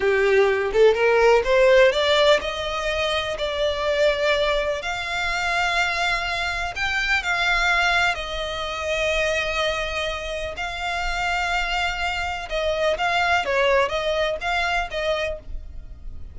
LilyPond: \new Staff \with { instrumentName = "violin" } { \time 4/4 \tempo 4 = 125 g'4. a'8 ais'4 c''4 | d''4 dis''2 d''4~ | d''2 f''2~ | f''2 g''4 f''4~ |
f''4 dis''2.~ | dis''2 f''2~ | f''2 dis''4 f''4 | cis''4 dis''4 f''4 dis''4 | }